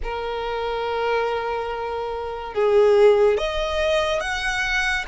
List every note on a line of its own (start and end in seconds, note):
0.03 2.54 A#4
2.54 3.37 G#4
3.37 4.20 D#5
4.20 5.05 F#5